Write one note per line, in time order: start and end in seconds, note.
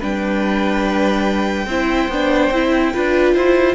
0.00 1.66 G3
0.00 1.68 D4
0.00 1.67 B4
0.00 3.75 G5
1.66 2.08 C4
1.66 2.12 E4
1.66 2.93 C5
2.09 2.51 B3
2.09 2.54 D4
2.51 2.93 C4
2.51 2.94 E4
2.94 3.35 D4
2.94 3.75 F4
2.94 3.35 B4
3.35 3.75 E4
3.35 3.75 C5